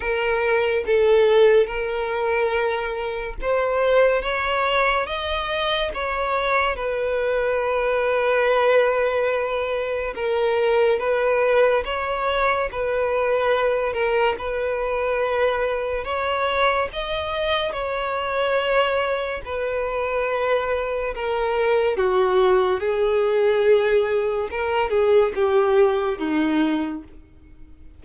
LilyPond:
\new Staff \with { instrumentName = "violin" } { \time 4/4 \tempo 4 = 71 ais'4 a'4 ais'2 | c''4 cis''4 dis''4 cis''4 | b'1 | ais'4 b'4 cis''4 b'4~ |
b'8 ais'8 b'2 cis''4 | dis''4 cis''2 b'4~ | b'4 ais'4 fis'4 gis'4~ | gis'4 ais'8 gis'8 g'4 dis'4 | }